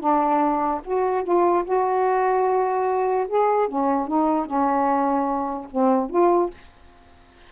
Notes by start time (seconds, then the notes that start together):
0.00 D4
0.85 F#4
1.24 F4
1.65 F#4
3.28 G#4
3.69 C#4
4.07 D#4
4.46 C#4
5.72 C4
6.10 F4